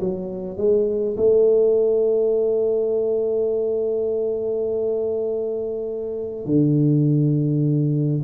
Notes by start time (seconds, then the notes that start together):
0.00 F#3
0.57 G#3
1.17 A3
6.46 D3